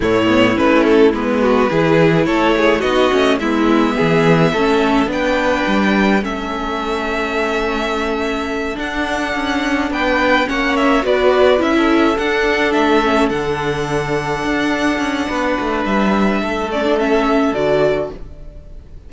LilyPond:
<<
  \new Staff \with { instrumentName = "violin" } { \time 4/4 \tempo 4 = 106 cis''4 b'8 a'8 b'2 | cis''4 dis''4 e''2~ | e''4 g''2 e''4~ | e''2.~ e''8 fis''8~ |
fis''4. g''4 fis''8 e''8 d''8~ | d''8 e''4 fis''4 e''4 fis''8~ | fis''1 | e''4. d''8 e''4 d''4 | }
  \new Staff \with { instrumentName = "violin" } { \time 4/4 e'2~ e'8 fis'8 gis'4 | a'8 gis'8 fis'4 e'4 gis'4 | a'4 b'2 a'4~ | a'1~ |
a'4. b'4 cis''4 b'8~ | b'8. a'2.~ a'16~ | a'2. b'4~ | b'4 a'2. | }
  \new Staff \with { instrumentName = "viola" } { \time 4/4 a8 b8 cis'4 b4 e'4~ | e'4 dis'8 cis'8 b2 | cis'4 d'2 cis'4~ | cis'2.~ cis'8 d'8~ |
d'2~ d'8 cis'4 fis'8~ | fis'8 e'4 d'4. cis'8 d'8~ | d'1~ | d'4. cis'16 d'16 cis'4 fis'4 | }
  \new Staff \with { instrumentName = "cello" } { \time 4/4 a,4 a4 gis4 e4 | a4 b8 a8 gis4 e4 | a4 b4 g4 a4~ | a2.~ a8 d'8~ |
d'8 cis'4 b4 ais4 b8~ | b8 cis'4 d'4 a4 d8~ | d4. d'4 cis'8 b8 a8 | g4 a2 d4 | }
>>